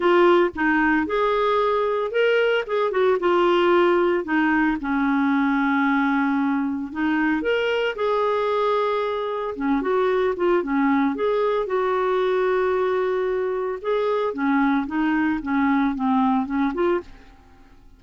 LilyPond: \new Staff \with { instrumentName = "clarinet" } { \time 4/4 \tempo 4 = 113 f'4 dis'4 gis'2 | ais'4 gis'8 fis'8 f'2 | dis'4 cis'2.~ | cis'4 dis'4 ais'4 gis'4~ |
gis'2 cis'8 fis'4 f'8 | cis'4 gis'4 fis'2~ | fis'2 gis'4 cis'4 | dis'4 cis'4 c'4 cis'8 f'8 | }